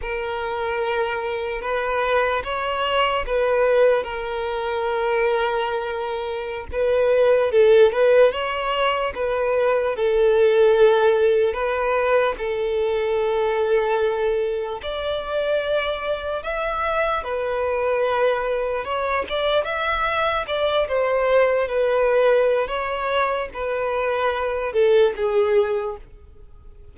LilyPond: \new Staff \with { instrumentName = "violin" } { \time 4/4 \tempo 4 = 74 ais'2 b'4 cis''4 | b'4 ais'2.~ | ais'16 b'4 a'8 b'8 cis''4 b'8.~ | b'16 a'2 b'4 a'8.~ |
a'2~ a'16 d''4.~ d''16~ | d''16 e''4 b'2 cis''8 d''16~ | d''16 e''4 d''8 c''4 b'4~ b'16 | cis''4 b'4. a'8 gis'4 | }